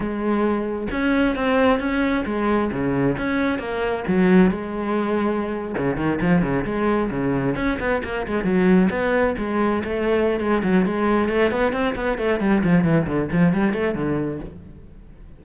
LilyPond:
\new Staff \with { instrumentName = "cello" } { \time 4/4 \tempo 4 = 133 gis2 cis'4 c'4 | cis'4 gis4 cis4 cis'4 | ais4 fis4 gis2~ | gis8. cis8 dis8 f8 cis8 gis4 cis16~ |
cis8. cis'8 b8 ais8 gis8 fis4 b16~ | b8. gis4 a4~ a16 gis8 fis8 | gis4 a8 b8 c'8 b8 a8 g8 | f8 e8 d8 f8 g8 a8 d4 | }